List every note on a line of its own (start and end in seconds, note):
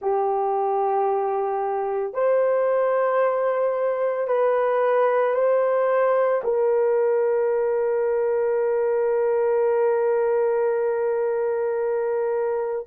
0.01 2.13 G4
2.13 4.27 C5
4.27 5.34 B4
5.34 6.41 C5
6.43 12.86 A#4